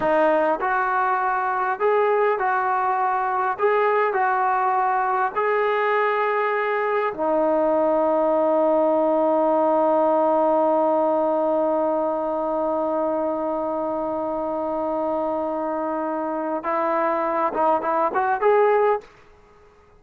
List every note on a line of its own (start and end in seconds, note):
0.00 0.59 D#4
0.60 1.79 F#4
1.79 2.38 G#4
2.38 3.57 F#4
3.59 4.13 G#4
4.13 5.31 F#4
5.35 7.13 G#4
7.13 16.63 D#4
16.63 17.52 E4
17.53 17.81 D#4
17.81 18.11 E4
18.14 18.41 F#4
18.41 19.00 G#4